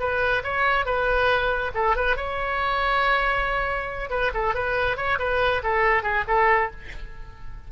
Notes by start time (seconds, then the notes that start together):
0.00 B4
0.44 C#5
0.86 B4
1.75 A4
1.96 B4
2.17 C#5
4.10 B4
4.34 A4
4.55 B4
4.97 C#5
5.19 B4
5.64 A4
6.03 G#4
6.28 A4